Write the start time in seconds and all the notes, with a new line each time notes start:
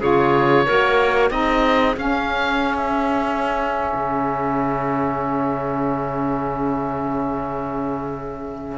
0.00 C#3 F4 G#4 C#5
0.66 A#3 F#4 A#4
1.30 C4 D#4 G#4 D#5
1.96 C#4 F5
2.77 E5
3.94 C#3